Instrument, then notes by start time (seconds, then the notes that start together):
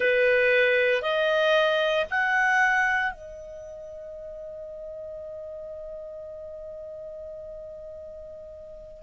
clarinet
0.00 B4
1.02 D#5
2.10 F#5
3.12 D#5